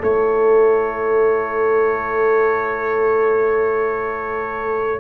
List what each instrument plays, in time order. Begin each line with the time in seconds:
0.00 tuba A3, trombone E4, horn A4, trumpet C#5